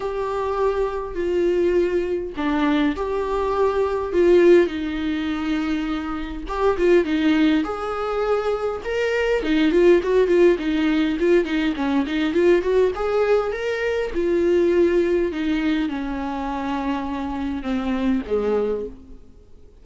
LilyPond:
\new Staff \with { instrumentName = "viola" } { \time 4/4 \tempo 4 = 102 g'2 f'2 | d'4 g'2 f'4 | dis'2. g'8 f'8 | dis'4 gis'2 ais'4 |
dis'8 f'8 fis'8 f'8 dis'4 f'8 dis'8 | cis'8 dis'8 f'8 fis'8 gis'4 ais'4 | f'2 dis'4 cis'4~ | cis'2 c'4 gis4 | }